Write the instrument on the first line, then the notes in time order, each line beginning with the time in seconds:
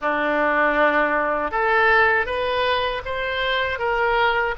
oboe
0.01 D4
1.51 A4
2.26 B4
3.05 C5
3.78 A#4